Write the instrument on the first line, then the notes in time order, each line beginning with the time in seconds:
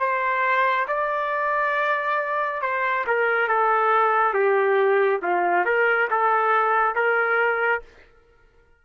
trumpet
0.00 C5
0.88 D5
2.62 C5
3.07 A#4
3.48 A4
4.34 G4
5.23 F4
5.66 A#4
6.11 A4
6.96 A#4